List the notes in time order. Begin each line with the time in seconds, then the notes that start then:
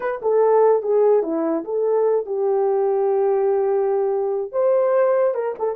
0.00 B4
0.21 A4
0.82 G#4
1.23 E4
1.64 A4
2.26 G4
4.52 C5
5.34 A#4
5.58 A4